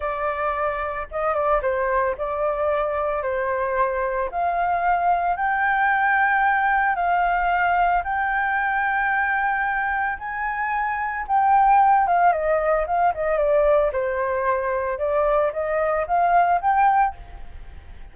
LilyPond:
\new Staff \with { instrumentName = "flute" } { \time 4/4 \tempo 4 = 112 d''2 dis''8 d''8 c''4 | d''2 c''2 | f''2 g''2~ | g''4 f''2 g''4~ |
g''2. gis''4~ | gis''4 g''4. f''8 dis''4 | f''8 dis''8 d''4 c''2 | d''4 dis''4 f''4 g''4 | }